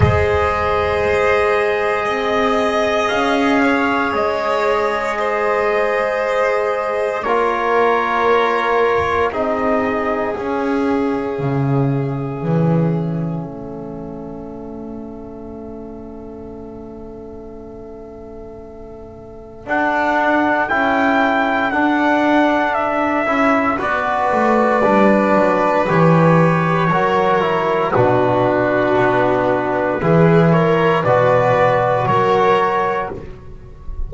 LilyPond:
<<
  \new Staff \with { instrumentName = "trumpet" } { \time 4/4 \tempo 4 = 58 dis''2. f''4 | dis''2. cis''4~ | cis''4 dis''4 e''2~ | e''1~ |
e''2. fis''4 | g''4 fis''4 e''4 d''4~ | d''4 cis''2 b'4~ | b'4. cis''8 d''4 cis''4 | }
  \new Staff \with { instrumentName = "violin" } { \time 4/4 c''2 dis''4. cis''8~ | cis''4 c''2 ais'4~ | ais'4 gis'2.~ | gis'4 a'2.~ |
a'1~ | a'2. b'4~ | b'2 ais'4 fis'4~ | fis'4 gis'8 ais'8 b'4 ais'4 | }
  \new Staff \with { instrumentName = "trombone" } { \time 4/4 gis'1~ | gis'2. f'4~ | f'4 dis'4 cis'2~ | cis'1~ |
cis'2. d'4 | e'4 d'4. e'8 fis'4 | d'4 g'4 fis'8 e'8 d'4~ | d'4 e'4 fis'2 | }
  \new Staff \with { instrumentName = "double bass" } { \time 4/4 gis2 c'4 cis'4 | gis2. ais4~ | ais4 c'4 cis'4 cis4 | e4 a2.~ |
a2. d'4 | cis'4 d'4. cis'8 b8 a8 | g8 fis8 e4 fis4 b,4 | b4 e4 b,4 fis4 | }
>>